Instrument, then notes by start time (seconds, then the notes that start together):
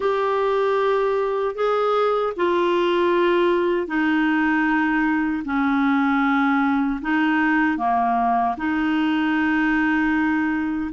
clarinet
0.00 G4
1.55 G#4
2.36 F4
3.87 D#4
5.44 C#4
7.01 D#4
7.77 A#3
8.57 D#4